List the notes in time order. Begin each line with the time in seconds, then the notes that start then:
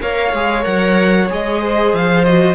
0.00 A#3 A#4 C#5 F5
0.33 G#3 G#4
0.62 F#3 A#4 F#5
1.29 G#3 G#4 D#5
1.61 C5
1.93 F3 F5
2.24 F#4 D#5